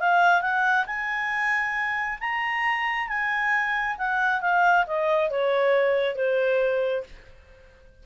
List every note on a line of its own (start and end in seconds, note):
0.00 0.41 F5
0.41 0.85 F#5
0.86 2.19 G#5
2.20 3.08 A#5
3.08 3.97 G#5
3.98 4.41 F#5
4.41 4.85 F5
4.87 5.30 D#5
5.30 6.16 C#5
6.16 7.04 C5